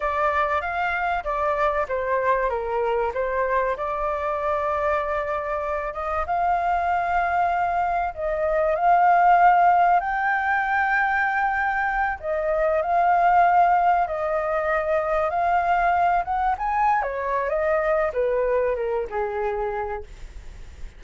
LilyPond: \new Staff \with { instrumentName = "flute" } { \time 4/4 \tempo 4 = 96 d''4 f''4 d''4 c''4 | ais'4 c''4 d''2~ | d''4. dis''8 f''2~ | f''4 dis''4 f''2 |
g''2.~ g''8 dis''8~ | dis''8 f''2 dis''4.~ | dis''8 f''4. fis''8 gis''8. cis''8. | dis''4 b'4 ais'8 gis'4. | }